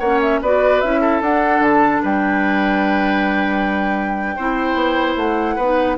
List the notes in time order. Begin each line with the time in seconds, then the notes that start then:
0.00 A#3 C#4 C#5 F#5
0.21 E5
0.41 B3 F#4 B4 D5
0.81 C#4 E4 E5
1.02 A4
1.21 D4 F#5
1.60 D3 A5
2.03 G3 B4 G5
4.37 C4 E4 C5
4.75 B3
5.17 A3 F#5
5.56 B3 D#4 B4